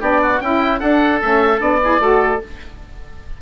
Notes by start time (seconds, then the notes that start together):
0.00 B3 D4 G4 D5
0.22 F#4
0.41 C#4 E4 G5
0.80 D4 A4 F#5
1.21 A3 C#4 E5
1.60 B3 D4 D5
1.83 E4 G#4
2.00 A3 F#4 A4